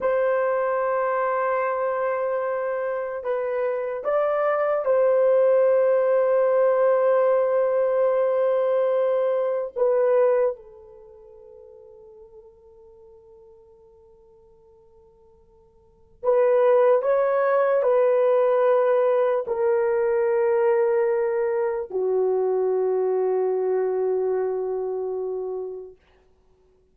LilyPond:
\new Staff \with { instrumentName = "horn" } { \time 4/4 \tempo 4 = 74 c''1 | b'4 d''4 c''2~ | c''1 | b'4 a'2.~ |
a'1 | b'4 cis''4 b'2 | ais'2. fis'4~ | fis'1 | }